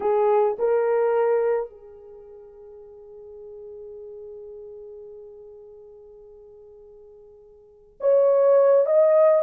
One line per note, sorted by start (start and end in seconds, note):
0.00 0.57 G#4
0.58 1.70 A#4
1.70 7.98 G#4
8.00 8.86 C#5
8.86 9.42 D#5